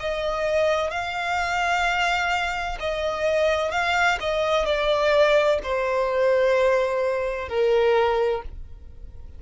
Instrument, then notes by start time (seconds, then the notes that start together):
violin
0.00 D#5
0.90 F5
2.80 D#5
3.71 F5
4.20 D#5
4.65 D5
5.62 C5
7.48 A#4